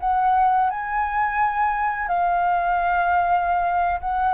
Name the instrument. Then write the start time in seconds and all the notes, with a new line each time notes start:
flute
0.00 F#5
0.70 G#5
2.08 F5
4.01 F#5